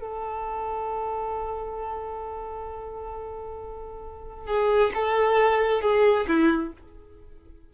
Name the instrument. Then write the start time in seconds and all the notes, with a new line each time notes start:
violin
0.00 A4
4.46 G#4
4.94 A4
5.81 G#4
6.27 E4